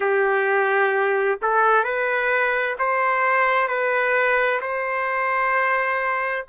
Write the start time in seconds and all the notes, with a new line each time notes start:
0.00 G4
1.41 A4
1.84 B4
2.78 C5
3.68 B4
4.61 C5